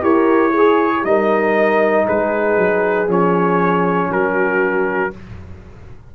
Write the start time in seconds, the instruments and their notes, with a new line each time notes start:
0.00 tuba E4, trombone G4, horn A#4, trumpet C#5
0.51 horn G#4
0.57 trombone G#4
1.04 tuba G3, trombone D#4, horn A#4, trumpet D#5
2.06 tuba G#3, horn G#4, trumpet B4
2.57 tuba F#3
3.07 tuba F3, trombone C#4, trumpet C#5
4.10 tuba F#3, horn F#4, trumpet A#4